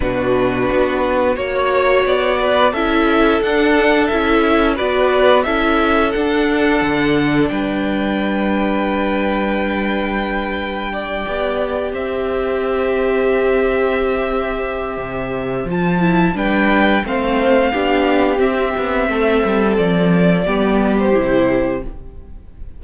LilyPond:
<<
  \new Staff \with { instrumentName = "violin" } { \time 4/4 \tempo 4 = 88 b'2 cis''4 d''4 | e''4 fis''4 e''4 d''4 | e''4 fis''2 g''4~ | g''1~ |
g''4. e''2~ e''8~ | e''2. a''4 | g''4 f''2 e''4~ | e''4 d''4.~ d''16 c''4~ c''16 | }
  \new Staff \with { instrumentName = "violin" } { \time 4/4 fis'2 cis''4. b'8 | a'2. b'4 | a'2. b'4~ | b'1 |
d''4. c''2~ c''8~ | c''1 | b'4 c''4 g'2 | a'2 g'2 | }
  \new Staff \with { instrumentName = "viola" } { \time 4/4 d'2 fis'2 | e'4 d'4 e'4 fis'4 | e'4 d'2.~ | d'1~ |
d'8 g'2.~ g'8~ | g'2. f'8 e'8 | d'4 c'4 d'4 c'4~ | c'2 b4 e'4 | }
  \new Staff \with { instrumentName = "cello" } { \time 4/4 b,4 b4 ais4 b4 | cis'4 d'4 cis'4 b4 | cis'4 d'4 d4 g4~ | g1~ |
g8 b4 c'2~ c'8~ | c'2 c4 f4 | g4 a4 b4 c'8 b8 | a8 g8 f4 g4 c4 | }
>>